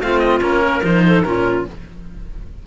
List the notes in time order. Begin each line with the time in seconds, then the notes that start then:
0.00 A3 C4 F4 F5
0.19 D#5
0.41 A#3 C#4 A#4
0.62 A#4
0.83 F3 D#4 C5
1.07 A4
1.23 A#2 C#4 F4 A#4